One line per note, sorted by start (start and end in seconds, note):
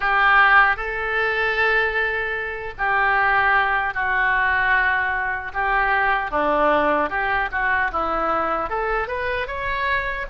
0.00 0.76 G4
0.76 2.73 A4
2.77 3.94 G4
3.94 5.52 F#4
5.53 6.31 G4
6.31 7.09 D4
7.09 7.49 G4
7.51 7.91 F#4
7.92 8.69 E4
8.69 9.07 A4
9.07 9.47 B4
9.47 10.26 C#5